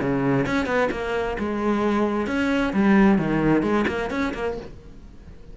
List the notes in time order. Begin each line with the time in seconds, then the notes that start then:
0.00 C#3
0.46 C#4
0.66 B3
0.91 A#3
1.38 G#3
2.27 C#4
2.73 G3
3.18 D#3
3.62 G#3
3.87 A#3
4.10 C#4
4.34 A#3